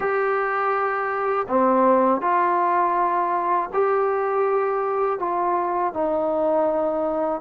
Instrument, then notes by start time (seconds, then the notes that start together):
trombone
0.00 G4
1.48 C4
2.21 F4
3.73 G4
5.19 F4
5.93 D#4